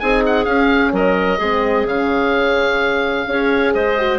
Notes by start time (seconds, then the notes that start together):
0.00 C4 D#4 G#4 G#5
0.26 F#5
0.45 C#4 F5
0.92 F#3 A#4 D#5
1.38 G#3 C4 G#4
1.86 C#3 C#4 F5
3.28 C#4 G#4 C#5
3.74 G#3 C5 D#5
3.99 F#4